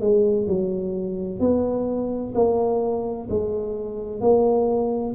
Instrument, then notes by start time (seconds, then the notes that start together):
tuba
0.00 G#3
0.46 F#3
1.39 B3
2.34 A#3
3.29 G#3
4.20 A#3